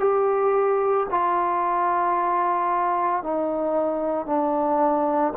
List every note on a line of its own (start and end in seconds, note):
0.00 1.07 G4
1.11 3.23 F4
3.23 4.27 D#4
4.27 5.34 D4